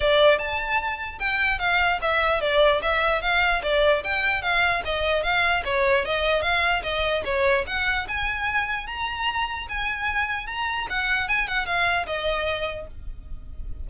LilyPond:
\new Staff \with { instrumentName = "violin" } { \time 4/4 \tempo 4 = 149 d''4 a''2 g''4 | f''4 e''4 d''4 e''4 | f''4 d''4 g''4 f''4 | dis''4 f''4 cis''4 dis''4 |
f''4 dis''4 cis''4 fis''4 | gis''2 ais''2 | gis''2 ais''4 fis''4 | gis''8 fis''8 f''4 dis''2 | }